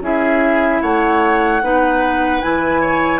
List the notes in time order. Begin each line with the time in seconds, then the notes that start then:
0.00 C#4 E4 G#4 E5
0.82 A3 C#5 F#5
1.62 B3 D#4 B4
2.41 E3 E4 G#5
2.81 C#5